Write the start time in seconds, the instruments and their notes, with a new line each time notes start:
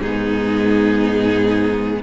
0.00 cello G#2, viola B3, violin D#4 G#4